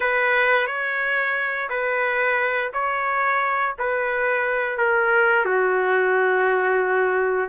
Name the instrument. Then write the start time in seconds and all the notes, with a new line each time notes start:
trumpet
0.00 B4
0.67 C#5
1.69 B4
2.73 C#5
3.78 B4
4.77 A#4
5.45 F#4